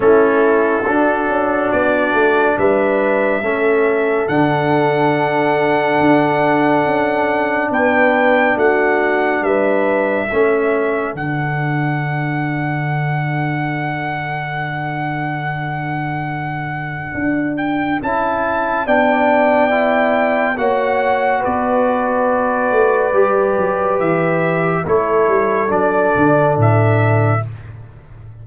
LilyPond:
<<
  \new Staff \with { instrumentName = "trumpet" } { \time 4/4 \tempo 4 = 70 a'2 d''4 e''4~ | e''4 fis''2.~ | fis''4 g''4 fis''4 e''4~ | e''4 fis''2.~ |
fis''1~ | fis''8 g''8 a''4 g''2 | fis''4 d''2. | e''4 cis''4 d''4 e''4 | }
  \new Staff \with { instrumentName = "horn" } { \time 4/4 e'4 fis'2 b'4 | a'1~ | a'4 b'4 fis'4 b'4 | a'1~ |
a'1~ | a'2 d''2 | cis''4 b'2.~ | b'4 a'2. | }
  \new Staff \with { instrumentName = "trombone" } { \time 4/4 cis'4 d'2. | cis'4 d'2.~ | d'1 | cis'4 d'2.~ |
d'1~ | d'4 e'4 d'4 e'4 | fis'2. g'4~ | g'4 e'4 d'2 | }
  \new Staff \with { instrumentName = "tuba" } { \time 4/4 a4 d'8 cis'8 b8 a8 g4 | a4 d2 d'4 | cis'4 b4 a4 g4 | a4 d2.~ |
d1 | d'4 cis'4 b2 | ais4 b4. a8 g8 fis8 | e4 a8 g8 fis8 d8 a,4 | }
>>